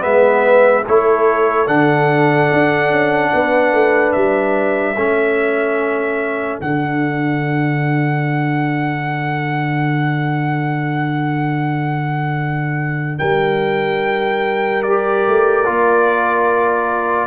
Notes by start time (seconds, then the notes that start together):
0.00 G#3 B3 B4 E5
0.86 A3 E4 A4 C#5
1.66 D3 D4 F#5
2.52 D4
2.90 C#4
3.33 B3 B4
3.72 A3
4.12 G3 E5
4.96 A3 C#4 A4
6.61 D3 D4 F#5
13.18 G3 A#4 G5
14.82 G4 D5
15.27 A3
15.65 A#3 F4